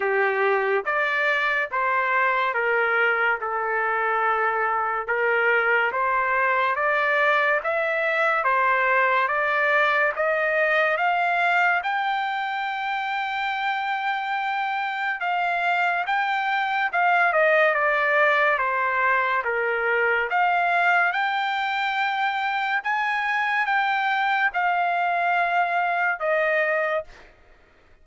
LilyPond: \new Staff \with { instrumentName = "trumpet" } { \time 4/4 \tempo 4 = 71 g'4 d''4 c''4 ais'4 | a'2 ais'4 c''4 | d''4 e''4 c''4 d''4 | dis''4 f''4 g''2~ |
g''2 f''4 g''4 | f''8 dis''8 d''4 c''4 ais'4 | f''4 g''2 gis''4 | g''4 f''2 dis''4 | }